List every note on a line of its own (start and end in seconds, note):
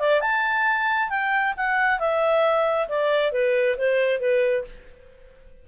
0.00 0.21 D5
0.21 1.10 A5
1.10 1.54 G5
1.57 2.00 F#5
2.00 2.88 E5
2.88 3.32 D5
3.32 3.77 B4
3.78 4.20 C5
4.20 4.65 B4